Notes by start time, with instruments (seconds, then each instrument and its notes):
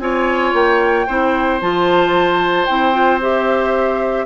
0.00 bassoon C4, clarinet F4, oboe C#5, flute G#5
0.54 bassoon A#3, flute G5
1.07 bassoon C4, clarinet E4, oboe C5
1.61 bassoon F3, clarinet F4, flute A5
2.66 bassoon C4, clarinet E4, flute G5
2.93 clarinet F4
3.22 clarinet G4, flute E5